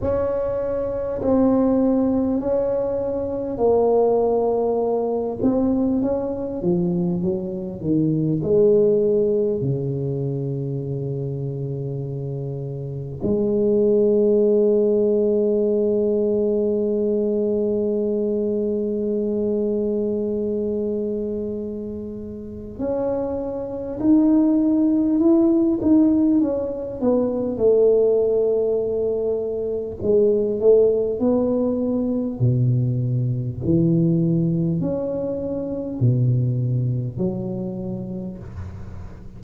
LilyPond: \new Staff \with { instrumentName = "tuba" } { \time 4/4 \tempo 4 = 50 cis'4 c'4 cis'4 ais4~ | ais8 c'8 cis'8 f8 fis8 dis8 gis4 | cis2. gis4~ | gis1~ |
gis2. cis'4 | dis'4 e'8 dis'8 cis'8 b8 a4~ | a4 gis8 a8 b4 b,4 | e4 cis'4 b,4 fis4 | }